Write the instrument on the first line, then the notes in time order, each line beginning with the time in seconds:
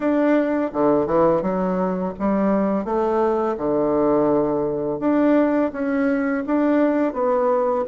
bassoon
0.00 D4
0.73 D3
1.06 E3
1.42 F#3
2.19 G3
2.84 A3
3.57 D3
4.99 D4
5.72 C#4
6.46 D4
7.13 B3